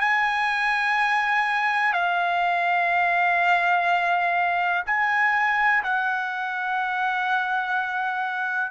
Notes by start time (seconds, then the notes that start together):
0.00 G#5
1.93 F5
4.86 G#5
5.83 F#5